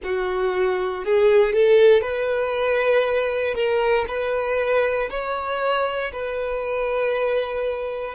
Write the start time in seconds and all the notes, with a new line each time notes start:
0.03 F#4
1.04 G#4
1.53 A4
2.01 B4
3.54 A#4
4.08 B4
5.09 C#5
6.12 B4